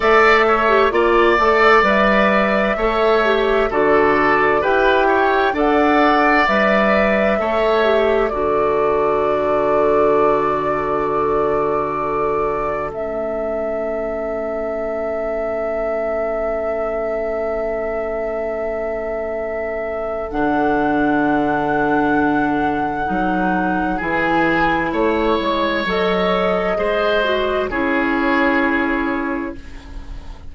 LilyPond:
<<
  \new Staff \with { instrumentName = "flute" } { \time 4/4 \tempo 4 = 65 e''4 d''4 e''2 | d''4 g''4 fis''4 e''4~ | e''4 d''2.~ | d''2 e''2~ |
e''1~ | e''2 fis''2~ | fis''2 gis''4 cis''4 | dis''2 cis''2 | }
  \new Staff \with { instrumentName = "oboe" } { \time 4/4 d''8 cis''8 d''2 cis''4 | a'4 b'8 cis''8 d''2 | cis''4 a'2.~ | a'1~ |
a'1~ | a'1~ | a'2 gis'4 cis''4~ | cis''4 c''4 gis'2 | }
  \new Staff \with { instrumentName = "clarinet" } { \time 4/4 a'8. g'16 f'8 a'8 b'4 a'8 g'8 | fis'4 g'4 a'4 b'4 | a'8 g'8 fis'2.~ | fis'2 cis'2~ |
cis'1~ | cis'2 d'2~ | d'4 dis'4 e'2 | a'4 gis'8 fis'8 e'2 | }
  \new Staff \with { instrumentName = "bassoon" } { \time 4/4 a4 ais8 a8 g4 a4 | d4 e'4 d'4 g4 | a4 d2.~ | d2 a2~ |
a1~ | a2 d2~ | d4 fis4 e4 a8 gis8 | fis4 gis4 cis'2 | }
>>